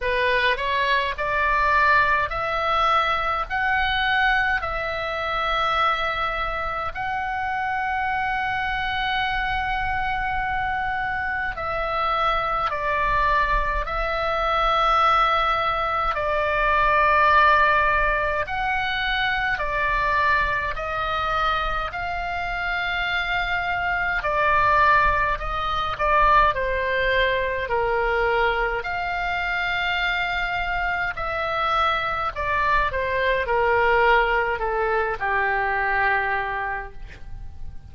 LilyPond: \new Staff \with { instrumentName = "oboe" } { \time 4/4 \tempo 4 = 52 b'8 cis''8 d''4 e''4 fis''4 | e''2 fis''2~ | fis''2 e''4 d''4 | e''2 d''2 |
fis''4 d''4 dis''4 f''4~ | f''4 d''4 dis''8 d''8 c''4 | ais'4 f''2 e''4 | d''8 c''8 ais'4 a'8 g'4. | }